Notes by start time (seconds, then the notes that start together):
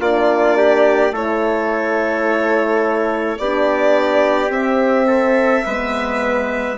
0.00 A#3 D4 F4 D5
0.58 G4
1.11 A3 E4 A4 C#5
3.38 B3 D4 G4 D5
4.50 C4 E5
5.08 A4
5.65 G#3 B3 B4